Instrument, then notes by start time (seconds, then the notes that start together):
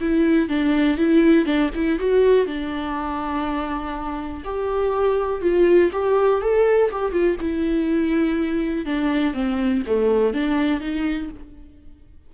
viola
0.00 E4
0.49 D4
0.97 E4
1.45 D4
1.74 E4
1.99 F#4
2.46 D4
4.44 G4
5.41 F4
5.92 G4
6.41 A4
6.91 G4
7.12 F4
7.40 E4
8.85 D4
9.33 C4
9.86 A3
10.33 D4
10.80 D#4